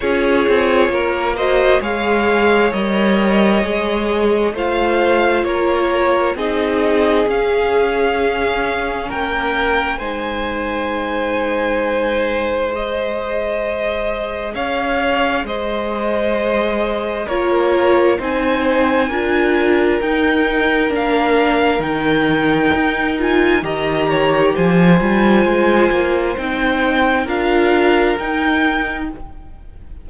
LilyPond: <<
  \new Staff \with { instrumentName = "violin" } { \time 4/4 \tempo 4 = 66 cis''4. dis''8 f''4 dis''4~ | dis''4 f''4 cis''4 dis''4 | f''2 g''4 gis''4~ | gis''2 dis''2 |
f''4 dis''2 cis''4 | gis''2 g''4 f''4 | g''4. gis''8 ais''4 gis''4~ | gis''4 g''4 f''4 g''4 | }
  \new Staff \with { instrumentName = "violin" } { \time 4/4 gis'4 ais'8 c''8 cis''2~ | cis''4 c''4 ais'4 gis'4~ | gis'2 ais'4 c''4~ | c''1 |
cis''4 c''2 ais'4 | c''4 ais'2.~ | ais'2 dis''8 cis''8 c''4~ | c''2 ais'2 | }
  \new Staff \with { instrumentName = "viola" } { \time 4/4 f'4. fis'8 gis'4 ais'4 | gis'4 f'2 dis'4 | cis'2. dis'4~ | dis'2 gis'2~ |
gis'2. f'4 | dis'4 f'4 dis'4 d'4 | dis'4. f'8 g'4. f'8~ | f'4 dis'4 f'4 dis'4 | }
  \new Staff \with { instrumentName = "cello" } { \time 4/4 cis'8 c'8 ais4 gis4 g4 | gis4 a4 ais4 c'4 | cis'2 ais4 gis4~ | gis1 |
cis'4 gis2 ais4 | c'4 d'4 dis'4 ais4 | dis4 dis'4 dis4 f8 g8 | gis8 ais8 c'4 d'4 dis'4 | }
>>